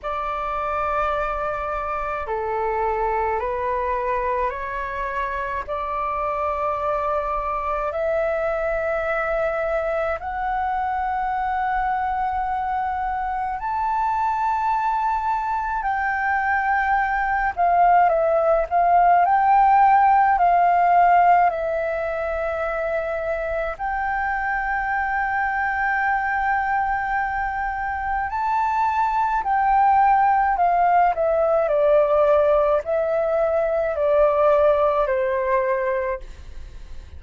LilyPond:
\new Staff \with { instrumentName = "flute" } { \time 4/4 \tempo 4 = 53 d''2 a'4 b'4 | cis''4 d''2 e''4~ | e''4 fis''2. | a''2 g''4. f''8 |
e''8 f''8 g''4 f''4 e''4~ | e''4 g''2.~ | g''4 a''4 g''4 f''8 e''8 | d''4 e''4 d''4 c''4 | }